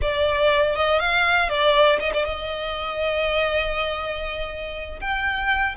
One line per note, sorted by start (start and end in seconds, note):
0.01 0.75 D5
0.75 0.99 D#5
0.99 1.49 F5
1.49 1.99 D5
1.99 2.12 D#5
2.13 2.25 D5
2.25 5.00 D#5
5.00 5.75 G5